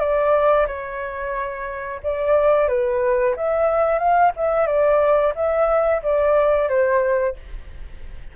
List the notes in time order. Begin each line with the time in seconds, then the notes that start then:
0.00 D5
0.68 C#5
2.03 D5
2.68 B4
3.37 E5
3.99 F5
4.37 E5
4.67 D5
5.35 E5
6.03 D5
6.69 C5